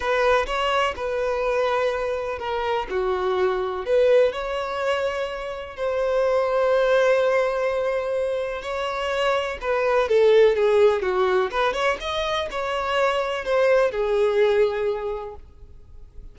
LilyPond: \new Staff \with { instrumentName = "violin" } { \time 4/4 \tempo 4 = 125 b'4 cis''4 b'2~ | b'4 ais'4 fis'2 | b'4 cis''2. | c''1~ |
c''2 cis''2 | b'4 a'4 gis'4 fis'4 | b'8 cis''8 dis''4 cis''2 | c''4 gis'2. | }